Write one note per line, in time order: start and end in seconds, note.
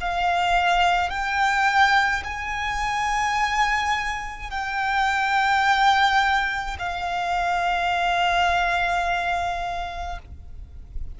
0.00 1.09 F5
1.09 2.22 G5
2.24 4.50 G#5
4.50 6.77 G5
6.79 10.18 F5